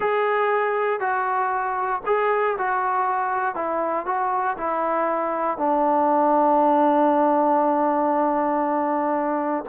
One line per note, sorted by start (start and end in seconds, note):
0.00 1.00 G#4
1.00 2.01 F#4
2.06 2.57 G#4
2.58 3.55 F#4
3.55 4.05 E4
4.05 4.56 F#4
4.57 5.57 E4
5.57 9.64 D4